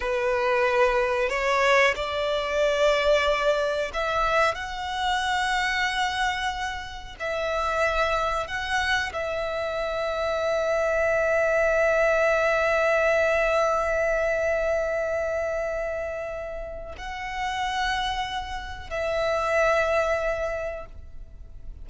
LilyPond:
\new Staff \with { instrumentName = "violin" } { \time 4/4 \tempo 4 = 92 b'2 cis''4 d''4~ | d''2 e''4 fis''4~ | fis''2. e''4~ | e''4 fis''4 e''2~ |
e''1~ | e''1~ | e''2 fis''2~ | fis''4 e''2. | }